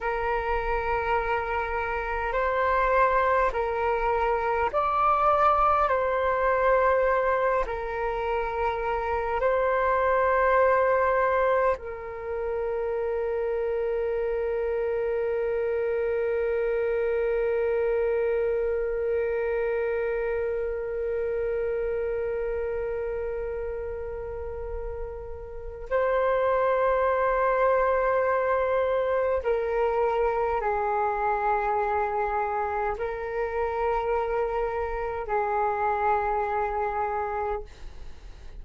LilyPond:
\new Staff \with { instrumentName = "flute" } { \time 4/4 \tempo 4 = 51 ais'2 c''4 ais'4 | d''4 c''4. ais'4. | c''2 ais'2~ | ais'1~ |
ais'1~ | ais'2 c''2~ | c''4 ais'4 gis'2 | ais'2 gis'2 | }